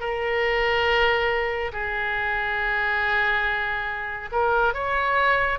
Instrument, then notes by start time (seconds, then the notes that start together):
oboe
0.00 A#4
1.73 G#4
4.32 A#4
4.74 C#5